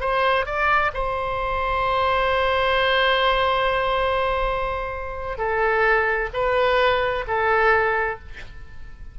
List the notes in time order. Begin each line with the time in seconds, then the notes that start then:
0.00 C5
0.46 D5
0.93 C5
5.38 A4
6.33 B4
7.27 A4